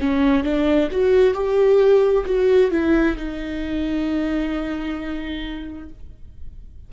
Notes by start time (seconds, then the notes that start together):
0.00 C#4
0.44 D4
0.92 F#4
1.34 G4
2.26 F#4
2.71 E4
3.17 D#4